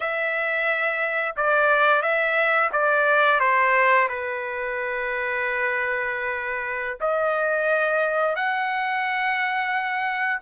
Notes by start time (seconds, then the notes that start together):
0.00 E5
1.36 D5
2.01 E5
2.72 D5
3.39 C5
4.08 B4
7.00 D#5
8.35 F#5